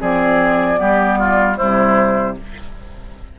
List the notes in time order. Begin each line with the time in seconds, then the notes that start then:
0.00 F3 C4 G#4 D5
0.76 G3 B3 G4
1.19 F4
1.57 C3 G3 E4 C5